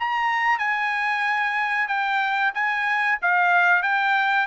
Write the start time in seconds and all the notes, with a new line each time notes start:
0.00 A#5
0.59 G#5
1.88 G5
2.54 G#5
3.22 F5
3.83 G5